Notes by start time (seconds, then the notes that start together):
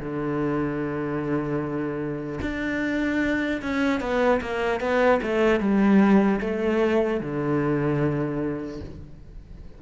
0.00 D3
2.42 D4
3.62 C#4
4.01 B3
4.41 A#3
4.81 B3
5.23 A3
5.60 G3
6.41 A3
7.21 D3